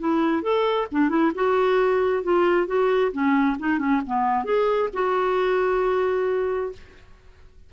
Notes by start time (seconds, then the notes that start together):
0.00 E4
0.43 A4
0.92 D4
1.10 E4
1.35 F#4
2.24 F4
2.67 F#4
3.12 C#4
3.60 D#4
3.79 C#4
4.07 B3
4.45 G#4
4.94 F#4